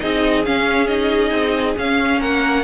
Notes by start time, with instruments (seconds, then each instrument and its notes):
0.00 cello C4, viola D#4, violin G#4 D#5
0.45 viola C#4, cello C#4, violin F5
0.87 viola D#4, violin D#5
1.31 cello C4
1.77 viola C#4, cello C#4, violin F5
2.19 cello A#3, violin A#4 F#5